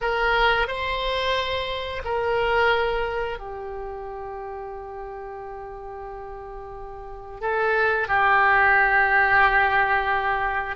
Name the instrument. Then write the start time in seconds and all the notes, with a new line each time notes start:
oboe
0.01 A#4
0.67 C5
2.04 A#4
3.39 G4
7.41 A4
8.07 G4